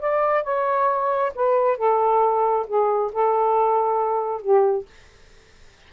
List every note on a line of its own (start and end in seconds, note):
0.00 0.44 D5
0.44 1.33 C#5
1.35 1.78 B4
1.78 2.67 A4
2.67 3.12 G#4
3.13 4.42 A4
4.42 4.86 G4